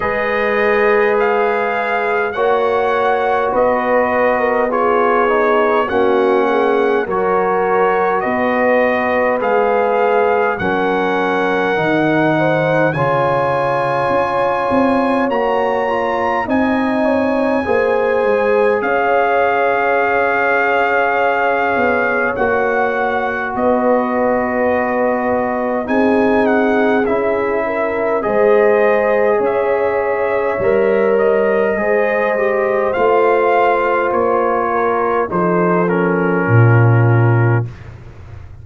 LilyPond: <<
  \new Staff \with { instrumentName = "trumpet" } { \time 4/4 \tempo 4 = 51 dis''4 f''4 fis''4 dis''4 | cis''4 fis''4 cis''4 dis''4 | f''4 fis''2 gis''4~ | gis''4 ais''4 gis''2 |
f''2. fis''4 | dis''2 gis''8 fis''8 e''4 | dis''4 e''4. dis''4. | f''4 cis''4 c''8 ais'4. | }
  \new Staff \with { instrumentName = "horn" } { \time 4/4 b'2 cis''4 b'8. ais'16 | gis'4 fis'8 gis'8 ais'4 b'4~ | b'4 ais'4. c''8 cis''4~ | cis''2 dis''8 cis''8 c''4 |
cis''1 | b'2 gis'4. ais'8 | c''4 cis''2 c''4~ | c''4. ais'8 a'4 f'4 | }
  \new Staff \with { instrumentName = "trombone" } { \time 4/4 gis'2 fis'2 | f'8 dis'8 cis'4 fis'2 | gis'4 cis'4 dis'4 f'4~ | f'4 fis'8 f'8 dis'4 gis'4~ |
gis'2. fis'4~ | fis'2 dis'4 e'4 | gis'2 ais'4 gis'8 g'8 | f'2 dis'8 cis'4. | }
  \new Staff \with { instrumentName = "tuba" } { \time 4/4 gis2 ais4 b4~ | b4 ais4 fis4 b4 | gis4 fis4 dis4 cis4 | cis'8 c'8 ais4 c'4 ais8 gis8 |
cis'2~ cis'8 b8 ais4 | b2 c'4 cis'4 | gis4 cis'4 g4 gis4 | a4 ais4 f4 ais,4 | }
>>